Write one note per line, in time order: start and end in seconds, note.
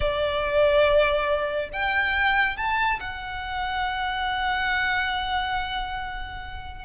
0.00 1.69 D5
1.72 2.56 G5
2.56 2.99 A5
3.00 6.85 F#5